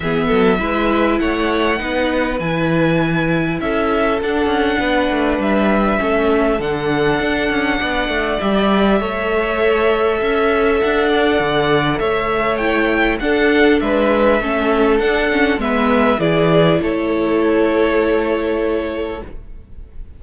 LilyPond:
<<
  \new Staff \with { instrumentName = "violin" } { \time 4/4 \tempo 4 = 100 e''2 fis''2 | gis''2 e''4 fis''4~ | fis''4 e''2 fis''4~ | fis''2 e''2~ |
e''2 fis''2 | e''4 g''4 fis''4 e''4~ | e''4 fis''4 e''4 d''4 | cis''1 | }
  \new Staff \with { instrumentName = "violin" } { \time 4/4 gis'8 a'8 b'4 cis''4 b'4~ | b'2 a'2 | b'2 a'2~ | a'4 d''2 cis''4~ |
cis''4 e''4. d''4. | cis''2 a'4 b'4 | a'2 b'4 gis'4 | a'1 | }
  \new Staff \with { instrumentName = "viola" } { \time 4/4 b4 e'2 dis'4 | e'2. d'4~ | d'2 cis'4 d'4~ | d'2 g'4 a'4~ |
a'1~ | a'4 e'4 d'2 | cis'4 d'8 cis'8 b4 e'4~ | e'1 | }
  \new Staff \with { instrumentName = "cello" } { \time 4/4 e8 fis8 gis4 a4 b4 | e2 cis'4 d'8 cis'8 | b8 a8 g4 a4 d4 | d'8 cis'8 b8 a8 g4 a4~ |
a4 cis'4 d'4 d4 | a2 d'4 gis4 | a4 d'4 gis4 e4 | a1 | }
>>